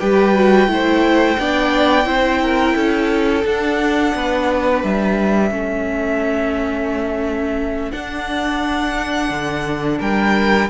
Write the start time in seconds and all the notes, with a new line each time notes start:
0.00 G3 G4 B4 G5
0.34 F#4
0.68 A3 E4 C5
1.38 B3 D4 D5
2.04 C4 E4 C5
2.42 A#4
2.76 C#4 A4
3.44 D4 F#5
4.15 B3 B4
4.83 G3 E5
5.50 A3 C#4 A4
7.91 D4 F#5
9.30 D3
9.99 G3 A#4 G5